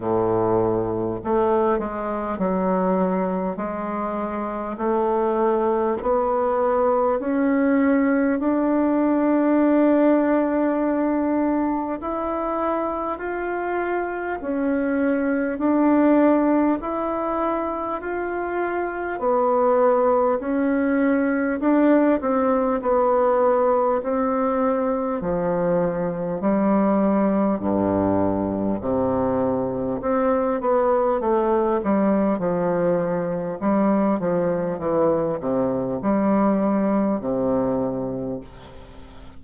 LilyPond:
\new Staff \with { instrumentName = "bassoon" } { \time 4/4 \tempo 4 = 50 a,4 a8 gis8 fis4 gis4 | a4 b4 cis'4 d'4~ | d'2 e'4 f'4 | cis'4 d'4 e'4 f'4 |
b4 cis'4 d'8 c'8 b4 | c'4 f4 g4 g,4 | c4 c'8 b8 a8 g8 f4 | g8 f8 e8 c8 g4 c4 | }